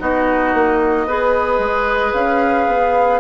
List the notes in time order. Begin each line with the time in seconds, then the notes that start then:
0.00 B3 D#4 F#4 D#5
0.54 A#3
1.07 B3 G#4 B4
1.59 G#3
2.14 C#4 F5
2.68 B3